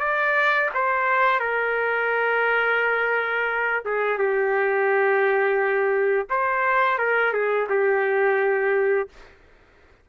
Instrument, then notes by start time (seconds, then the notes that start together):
trumpet
0.00 D5
0.74 C5
1.40 A#4
3.85 G#4
4.18 G4
6.30 C5
6.98 A#4
7.33 G#4
7.69 G4